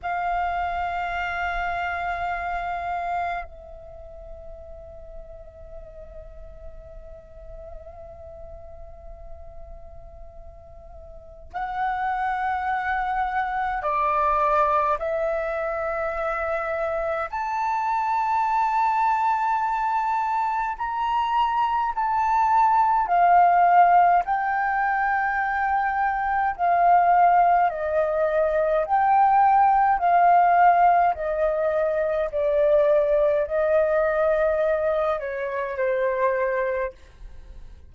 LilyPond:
\new Staff \with { instrumentName = "flute" } { \time 4/4 \tempo 4 = 52 f''2. e''4~ | e''1~ | e''2 fis''2 | d''4 e''2 a''4~ |
a''2 ais''4 a''4 | f''4 g''2 f''4 | dis''4 g''4 f''4 dis''4 | d''4 dis''4. cis''8 c''4 | }